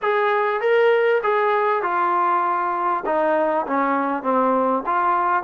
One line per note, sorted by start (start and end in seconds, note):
0.02 0.61 G#4
0.61 1.21 A#4
1.23 1.82 G#4
1.82 3.03 F4
3.05 3.66 D#4
3.66 4.22 C#4
4.22 4.83 C4
4.86 5.43 F4